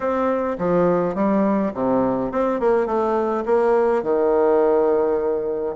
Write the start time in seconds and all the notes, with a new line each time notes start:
0.00 C4
0.58 F3
1.14 G3
1.74 C3
2.31 C4
2.60 A#3
2.86 A3
3.45 A#3
4.02 D#3